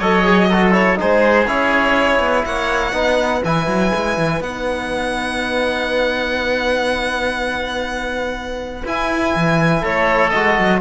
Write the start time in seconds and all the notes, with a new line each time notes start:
0.00 F#3 A4 C#5 D#5
0.25 G#4
0.50 F#4 A4
0.72 E4 C#5
0.97 G#3 D#4 G#4 C5
1.47 C#4 E4 C#5
2.20 B3
2.46 A#3 C#5 F#5
2.93 B3 D#4 B4
3.45 E3 E4 G#5
3.67 F#3
3.95 G#3
4.18 E3
4.41 B3 D#4 F#5
8.86 E4 G#5
9.36 E3
9.81 A3 A4 C#5
10.31 G#3 F#4 D#5
10.59 F#3